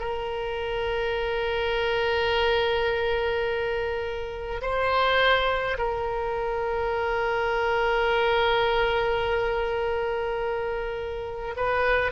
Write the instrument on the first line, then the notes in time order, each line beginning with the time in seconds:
oboe
0.00 A#4
4.62 C5
5.78 A#4
11.56 B4